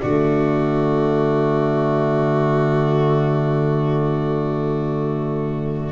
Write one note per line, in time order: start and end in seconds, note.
0.00 5.92 D3
0.00 5.92 A3
0.00 5.92 F#4
0.00 5.92 D5